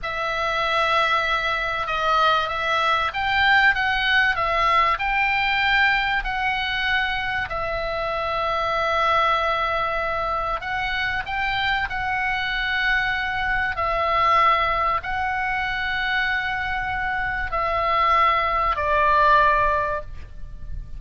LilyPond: \new Staff \with { instrumentName = "oboe" } { \time 4/4 \tempo 4 = 96 e''2. dis''4 | e''4 g''4 fis''4 e''4 | g''2 fis''2 | e''1~ |
e''4 fis''4 g''4 fis''4~ | fis''2 e''2 | fis''1 | e''2 d''2 | }